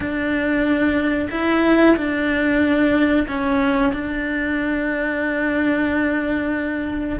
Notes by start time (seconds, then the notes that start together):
0.00 D4
1.30 E4
1.96 D4
3.27 C#4
3.92 D4